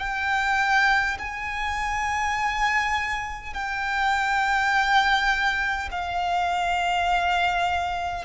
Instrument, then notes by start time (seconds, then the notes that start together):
violin
0.00 G5
1.19 G#5
3.54 G5
5.92 F5